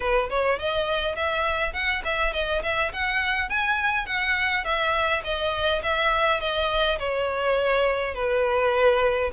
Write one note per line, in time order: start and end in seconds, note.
0.00 0.29 B4
0.29 0.58 C#5
0.58 1.15 D#5
1.15 1.73 E5
1.73 2.02 F#5
2.04 2.33 E5
2.33 2.62 D#5
2.62 2.92 E5
2.92 3.49 F#5
3.49 4.06 G#5
4.06 4.64 F#5
4.64 5.22 E5
5.23 5.82 D#5
5.83 6.40 E5
6.40 6.98 D#5
6.98 8.14 C#5
8.14 9.30 B4